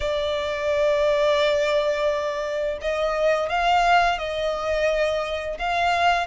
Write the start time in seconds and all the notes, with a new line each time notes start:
0.00 D5
2.81 D#5
3.49 F5
4.18 D#5
5.58 F5